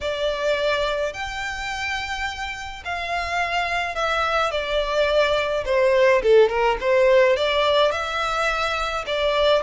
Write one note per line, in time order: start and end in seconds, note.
0.01 1.13 D5
1.13 2.83 G5
2.85 3.95 F5
3.95 4.51 E5
4.51 5.64 D5
5.65 6.21 C5
6.22 6.49 A4
6.49 6.77 A#4
6.80 7.36 C5
7.36 7.91 D5
7.91 9.05 E5
9.06 9.62 D5